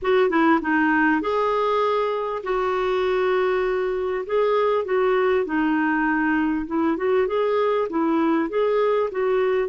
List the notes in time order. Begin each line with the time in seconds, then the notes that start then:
0.02 F#4
0.29 E4
0.61 D#4
1.21 G#4
2.43 F#4
4.26 G#4
4.84 F#4
5.45 D#4
6.66 E4
6.96 F#4
7.27 G#4
7.90 E4
8.49 G#4
9.11 F#4